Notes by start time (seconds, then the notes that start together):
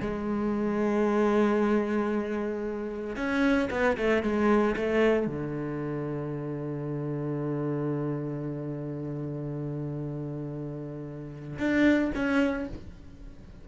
0.00 G#3
3.16 C#4
3.70 B3
3.97 A3
4.22 G#3
4.76 A3
5.27 D3
11.58 D4
12.15 C#4